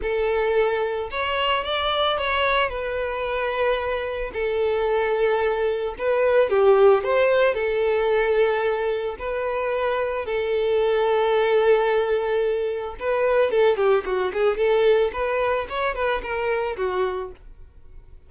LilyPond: \new Staff \with { instrumentName = "violin" } { \time 4/4 \tempo 4 = 111 a'2 cis''4 d''4 | cis''4 b'2. | a'2. b'4 | g'4 c''4 a'2~ |
a'4 b'2 a'4~ | a'1 | b'4 a'8 g'8 fis'8 gis'8 a'4 | b'4 cis''8 b'8 ais'4 fis'4 | }